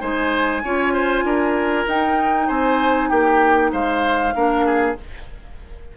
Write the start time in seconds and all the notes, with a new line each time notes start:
0.00 G#3 D#4 C5 G#5
0.63 C#4 F4 C#5
0.93 C5
1.23 D4 A#4
1.86 D#4 G5
2.47 C4 C5 G#5
3.09 A#3 G4 G5
3.72 G#3 C5 F5
4.34 A#3 D4 A#4
4.65 G#4